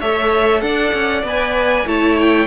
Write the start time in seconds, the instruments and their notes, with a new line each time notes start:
0.00 cello A3, viola A4, violin C#5 E5
0.61 cello D4, violin D5 F#5
0.93 cello C#4
1.23 cello B3, viola B4, violin G#5
1.86 cello A3, viola E4, violin C#5 A5
2.20 violin G5